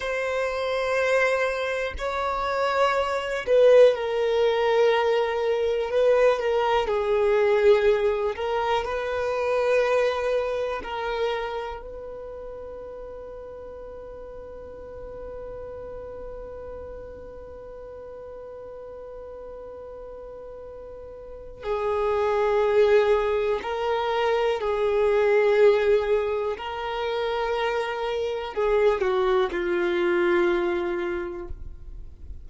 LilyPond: \new Staff \with { instrumentName = "violin" } { \time 4/4 \tempo 4 = 61 c''2 cis''4. b'8 | ais'2 b'8 ais'8 gis'4~ | gis'8 ais'8 b'2 ais'4 | b'1~ |
b'1~ | b'2 gis'2 | ais'4 gis'2 ais'4~ | ais'4 gis'8 fis'8 f'2 | }